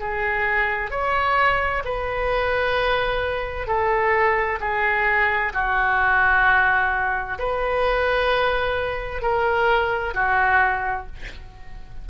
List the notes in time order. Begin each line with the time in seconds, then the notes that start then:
0.00 G#4
0.91 C#5
1.85 B4
3.67 A4
4.60 G#4
5.53 F#4
7.38 B4
9.22 A#4
10.14 F#4